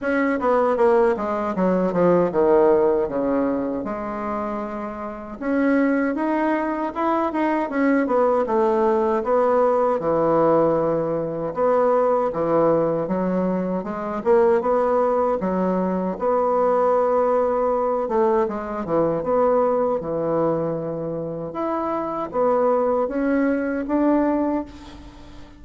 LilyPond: \new Staff \with { instrumentName = "bassoon" } { \time 4/4 \tempo 4 = 78 cis'8 b8 ais8 gis8 fis8 f8 dis4 | cis4 gis2 cis'4 | dis'4 e'8 dis'8 cis'8 b8 a4 | b4 e2 b4 |
e4 fis4 gis8 ais8 b4 | fis4 b2~ b8 a8 | gis8 e8 b4 e2 | e'4 b4 cis'4 d'4 | }